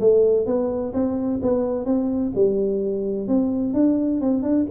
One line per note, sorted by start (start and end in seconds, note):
0.00 0.46 A3
0.46 0.93 B3
0.93 1.40 C4
1.42 1.85 B3
1.85 2.32 C4
2.35 3.27 G3
3.27 3.74 C4
3.74 4.20 D4
4.20 4.42 C4
4.42 4.66 D4